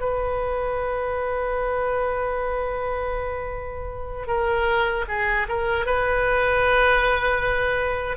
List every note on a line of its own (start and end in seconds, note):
0.00 4.27 B4
4.27 5.05 A#4
5.08 5.47 G#4
5.49 5.86 A#4
5.86 8.17 B4